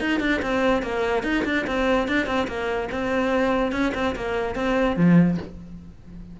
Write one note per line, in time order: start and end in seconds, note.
0.00 0.20 D#4
0.20 0.41 D4
0.42 0.82 C4
0.82 1.23 A#3
1.23 1.44 D#4
1.45 1.66 D4
1.67 2.08 C4
2.08 2.26 D4
2.26 2.47 C4
2.48 2.89 A#3
2.92 3.72 C4
3.72 3.93 C#4
3.94 4.15 C4
4.16 4.55 A#3
4.55 4.96 C4
4.96 5.38 F3